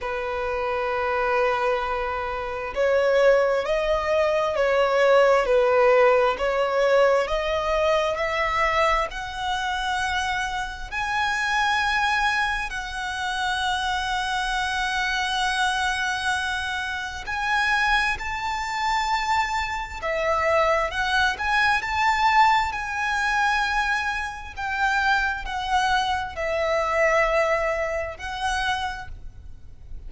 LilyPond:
\new Staff \with { instrumentName = "violin" } { \time 4/4 \tempo 4 = 66 b'2. cis''4 | dis''4 cis''4 b'4 cis''4 | dis''4 e''4 fis''2 | gis''2 fis''2~ |
fis''2. gis''4 | a''2 e''4 fis''8 gis''8 | a''4 gis''2 g''4 | fis''4 e''2 fis''4 | }